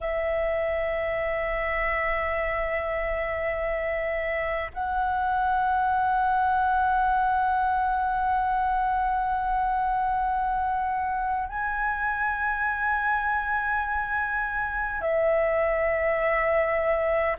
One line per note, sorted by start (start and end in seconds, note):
0.00 4.71 E5
4.73 11.49 F#5
11.49 15.01 G#5
15.01 17.36 E5